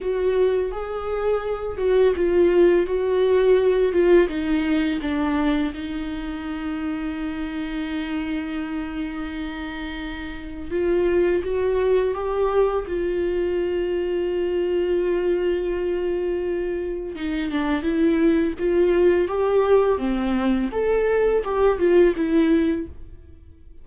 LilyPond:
\new Staff \with { instrumentName = "viola" } { \time 4/4 \tempo 4 = 84 fis'4 gis'4. fis'8 f'4 | fis'4. f'8 dis'4 d'4 | dis'1~ | dis'2. f'4 |
fis'4 g'4 f'2~ | f'1 | dis'8 d'8 e'4 f'4 g'4 | c'4 a'4 g'8 f'8 e'4 | }